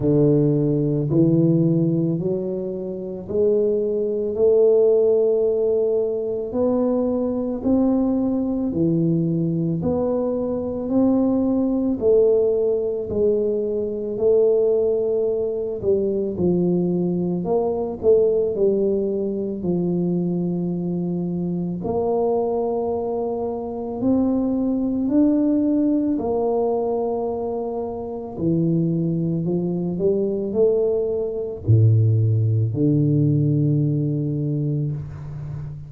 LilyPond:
\new Staff \with { instrumentName = "tuba" } { \time 4/4 \tempo 4 = 55 d4 e4 fis4 gis4 | a2 b4 c'4 | e4 b4 c'4 a4 | gis4 a4. g8 f4 |
ais8 a8 g4 f2 | ais2 c'4 d'4 | ais2 e4 f8 g8 | a4 a,4 d2 | }